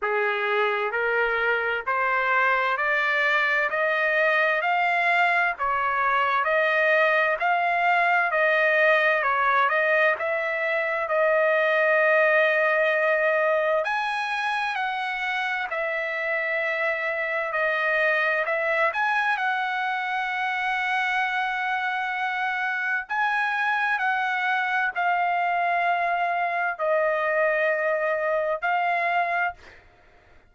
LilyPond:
\new Staff \with { instrumentName = "trumpet" } { \time 4/4 \tempo 4 = 65 gis'4 ais'4 c''4 d''4 | dis''4 f''4 cis''4 dis''4 | f''4 dis''4 cis''8 dis''8 e''4 | dis''2. gis''4 |
fis''4 e''2 dis''4 | e''8 gis''8 fis''2.~ | fis''4 gis''4 fis''4 f''4~ | f''4 dis''2 f''4 | }